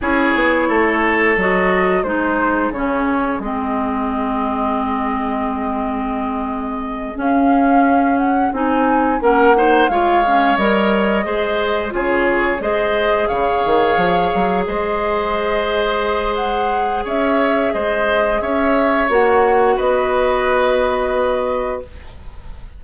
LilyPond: <<
  \new Staff \with { instrumentName = "flute" } { \time 4/4 \tempo 4 = 88 cis''2 dis''4 c''4 | cis''4 dis''2.~ | dis''2~ dis''8 f''4. | fis''8 gis''4 fis''4 f''4 dis''8~ |
dis''4. cis''4 dis''4 f''8~ | f''4. dis''2~ dis''8 | fis''4 e''4 dis''4 e''4 | fis''4 dis''2. | }
  \new Staff \with { instrumentName = "oboe" } { \time 4/4 gis'4 a'2 gis'4~ | gis'1~ | gis'1~ | gis'4. ais'8 c''8 cis''4.~ |
cis''8 c''4 gis'4 c''4 cis''8~ | cis''4. c''2~ c''8~ | c''4 cis''4 c''4 cis''4~ | cis''4 b'2. | }
  \new Staff \with { instrumentName = "clarinet" } { \time 4/4 e'2 fis'4 dis'4 | cis'4 c'2.~ | c'2~ c'8 cis'4.~ | cis'8 dis'4 cis'8 dis'8 f'8 cis'8 ais'8~ |
ais'8 gis'4 f'4 gis'4.~ | gis'1~ | gis'1 | fis'1 | }
  \new Staff \with { instrumentName = "bassoon" } { \time 4/4 cis'8 b8 a4 fis4 gis4 | cis4 gis2.~ | gis2~ gis8 cis'4.~ | cis'8 c'4 ais4 gis4 g8~ |
g8 gis4 cis4 gis4 cis8 | dis8 f8 fis8 gis2~ gis8~ | gis4 cis'4 gis4 cis'4 | ais4 b2. | }
>>